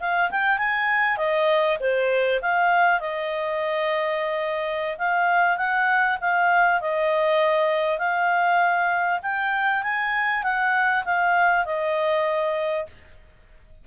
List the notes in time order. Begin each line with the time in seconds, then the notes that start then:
0.00 F5
0.31 G5
0.58 G#5
1.17 D#5
1.80 C5
2.41 F5
3.00 D#5
4.98 F5
5.57 F#5
6.21 F5
6.81 D#5
7.98 F5
9.22 G5
9.83 G#5
10.43 F#5
11.04 F5
11.65 D#5